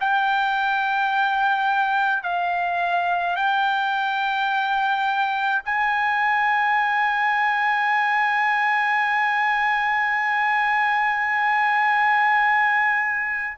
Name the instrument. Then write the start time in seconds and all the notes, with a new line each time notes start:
trumpet
0.00 G5
2.23 F5
3.36 G5
5.65 G#5